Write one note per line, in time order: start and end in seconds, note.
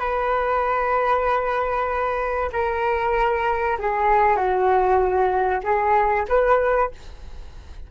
0.00 2.50 B4
2.53 3.78 A#4
3.80 4.37 G#4
4.37 5.62 F#4
5.64 6.26 G#4
6.29 6.91 B4